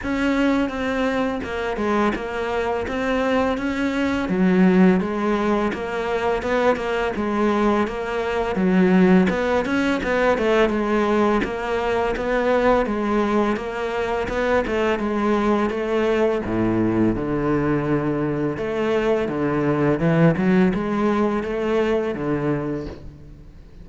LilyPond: \new Staff \with { instrumentName = "cello" } { \time 4/4 \tempo 4 = 84 cis'4 c'4 ais8 gis8 ais4 | c'4 cis'4 fis4 gis4 | ais4 b8 ais8 gis4 ais4 | fis4 b8 cis'8 b8 a8 gis4 |
ais4 b4 gis4 ais4 | b8 a8 gis4 a4 a,4 | d2 a4 d4 | e8 fis8 gis4 a4 d4 | }